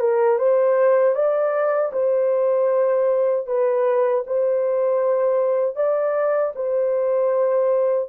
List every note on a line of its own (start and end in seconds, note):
0.00 0.38 A#4
0.38 1.15 C5
1.15 1.92 D5
1.93 3.47 C5
3.47 4.24 B4
4.26 5.76 C5
5.76 6.53 D5
6.56 8.09 C5